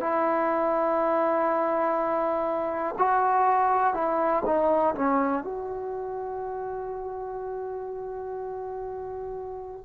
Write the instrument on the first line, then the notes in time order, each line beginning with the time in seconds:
trombone
0.00 E4
2.98 F#4
3.94 E4
4.45 D#4
4.95 C#4
5.44 F#4